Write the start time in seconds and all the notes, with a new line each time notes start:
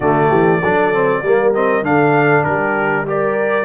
0.00 D3 A3 F#4 D5
0.29 E3 G4
0.62 F#3 D4 A4
0.93 C4
1.21 G3 A#3 A#4
1.53 C4 D#5
1.82 D3 D4 A4 F5
2.44 G3 G4 A#4
3.06 G4 A#4 D5